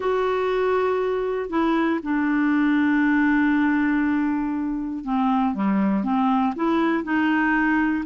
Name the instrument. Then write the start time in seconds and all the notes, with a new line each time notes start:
clarinet
0.00 F#4
1.49 E4
2.02 D4
5.04 C4
5.54 G3
6.03 C4
6.55 E4
7.03 D#4